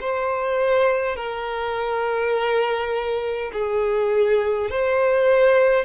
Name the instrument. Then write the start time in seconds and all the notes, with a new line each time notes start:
violin
0.00 C5
1.16 A#4
3.52 G#4
4.70 C5